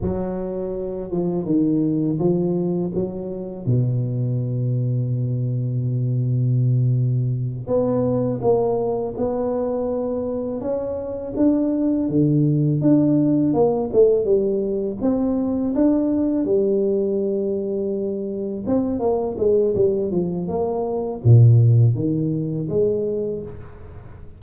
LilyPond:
\new Staff \with { instrumentName = "tuba" } { \time 4/4 \tempo 4 = 82 fis4. f8 dis4 f4 | fis4 b,2.~ | b,2~ b,8 b4 ais8~ | ais8 b2 cis'4 d'8~ |
d'8 d4 d'4 ais8 a8 g8~ | g8 c'4 d'4 g4.~ | g4. c'8 ais8 gis8 g8 f8 | ais4 ais,4 dis4 gis4 | }